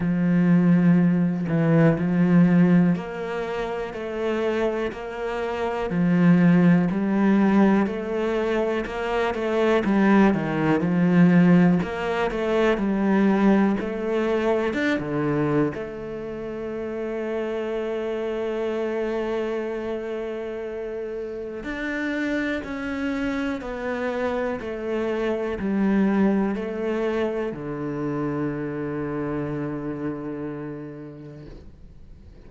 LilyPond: \new Staff \with { instrumentName = "cello" } { \time 4/4 \tempo 4 = 61 f4. e8 f4 ais4 | a4 ais4 f4 g4 | a4 ais8 a8 g8 dis8 f4 | ais8 a8 g4 a4 d'16 d8. |
a1~ | a2 d'4 cis'4 | b4 a4 g4 a4 | d1 | }